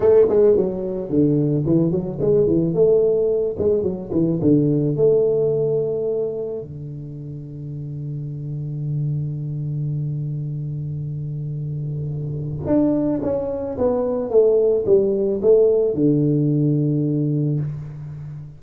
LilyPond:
\new Staff \with { instrumentName = "tuba" } { \time 4/4 \tempo 4 = 109 a8 gis8 fis4 d4 e8 fis8 | gis8 e8 a4. gis8 fis8 e8 | d4 a2. | d1~ |
d1~ | d2. d'4 | cis'4 b4 a4 g4 | a4 d2. | }